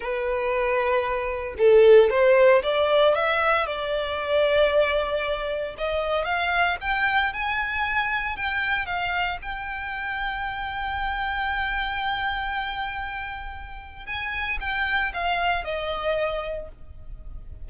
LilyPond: \new Staff \with { instrumentName = "violin" } { \time 4/4 \tempo 4 = 115 b'2. a'4 | c''4 d''4 e''4 d''4~ | d''2. dis''4 | f''4 g''4 gis''2 |
g''4 f''4 g''2~ | g''1~ | g''2. gis''4 | g''4 f''4 dis''2 | }